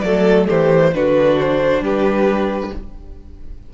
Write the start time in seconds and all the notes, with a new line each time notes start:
0.00 F#3 A3 A4 D5
0.47 E3 G4 C5
0.94 D3 D4 F#4 B4
1.39 C5
1.81 G3 G4 B4